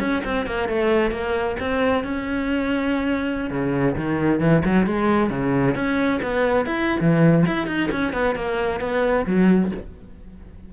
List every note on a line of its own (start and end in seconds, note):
0.00 0.23 C#4
0.25 0.46 C4
0.46 0.69 A#3
0.69 1.11 A3
1.11 1.56 A#3
1.60 2.04 C4
2.04 3.50 C#4
3.50 3.96 C#3
3.96 4.40 D#3
4.40 4.63 E3
4.65 4.86 F#3
4.86 5.30 G#3
5.30 5.75 C#3
5.75 6.20 C#4
6.23 6.66 B3
6.66 7.00 E4
7.00 7.45 E3
7.47 7.67 E4
7.67 7.90 D#4
7.92 8.13 C#4
8.13 8.36 B3
8.36 8.81 A#3
8.81 9.26 B3
9.26 9.71 F#3